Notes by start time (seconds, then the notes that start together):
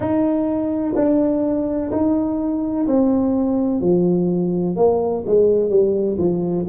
0.00 D#4
0.95 D4
1.91 D#4
2.87 C4
3.81 F3
4.76 A#3
5.26 G#3
5.69 G3
6.17 F3